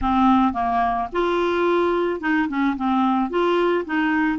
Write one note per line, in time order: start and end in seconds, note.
0.01 0.53 C4
0.53 1.08 A#3
1.12 2.20 F4
2.20 2.48 D#4
2.48 2.75 C#4
2.76 3.30 C4
3.30 3.85 F4
3.85 4.38 D#4